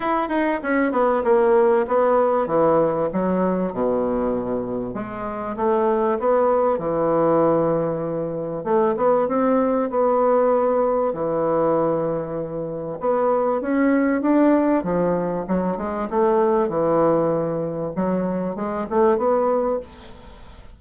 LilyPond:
\new Staff \with { instrumentName = "bassoon" } { \time 4/4 \tempo 4 = 97 e'8 dis'8 cis'8 b8 ais4 b4 | e4 fis4 b,2 | gis4 a4 b4 e4~ | e2 a8 b8 c'4 |
b2 e2~ | e4 b4 cis'4 d'4 | f4 fis8 gis8 a4 e4~ | e4 fis4 gis8 a8 b4 | }